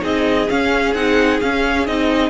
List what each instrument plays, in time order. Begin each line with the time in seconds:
0.00 cello C4, viola D#4, violin G#4 D#5
0.49 viola C#4, cello C#4, violin F5
0.94 cello C4, viola D#4, violin F#5
1.40 viola C#4, cello C#4, violin F5
1.86 cello C4, viola D#4, violin D#5